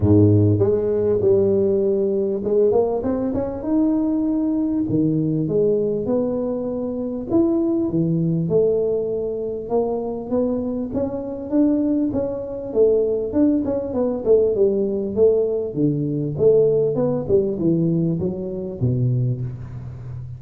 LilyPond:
\new Staff \with { instrumentName = "tuba" } { \time 4/4 \tempo 4 = 99 gis,4 gis4 g2 | gis8 ais8 c'8 cis'8 dis'2 | dis4 gis4 b2 | e'4 e4 a2 |
ais4 b4 cis'4 d'4 | cis'4 a4 d'8 cis'8 b8 a8 | g4 a4 d4 a4 | b8 g8 e4 fis4 b,4 | }